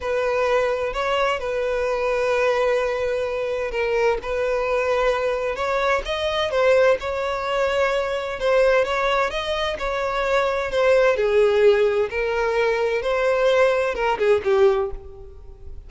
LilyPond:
\new Staff \with { instrumentName = "violin" } { \time 4/4 \tempo 4 = 129 b'2 cis''4 b'4~ | b'1 | ais'4 b'2. | cis''4 dis''4 c''4 cis''4~ |
cis''2 c''4 cis''4 | dis''4 cis''2 c''4 | gis'2 ais'2 | c''2 ais'8 gis'8 g'4 | }